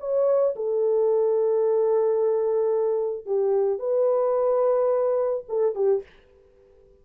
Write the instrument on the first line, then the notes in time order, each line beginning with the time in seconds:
horn
0.00 C#5
0.56 A4
3.26 G4
3.79 B4
5.49 A4
5.75 G4